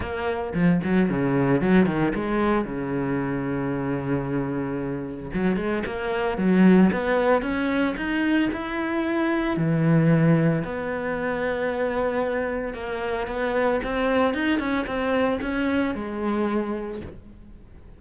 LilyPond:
\new Staff \with { instrumentName = "cello" } { \time 4/4 \tempo 4 = 113 ais4 f8 fis8 cis4 fis8 dis8 | gis4 cis2.~ | cis2 fis8 gis8 ais4 | fis4 b4 cis'4 dis'4 |
e'2 e2 | b1 | ais4 b4 c'4 dis'8 cis'8 | c'4 cis'4 gis2 | }